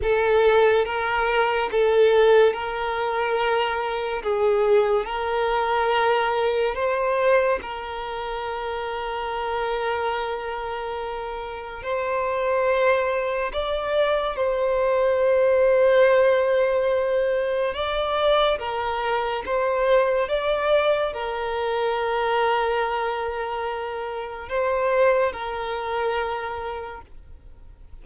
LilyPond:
\new Staff \with { instrumentName = "violin" } { \time 4/4 \tempo 4 = 71 a'4 ais'4 a'4 ais'4~ | ais'4 gis'4 ais'2 | c''4 ais'2.~ | ais'2 c''2 |
d''4 c''2.~ | c''4 d''4 ais'4 c''4 | d''4 ais'2.~ | ais'4 c''4 ais'2 | }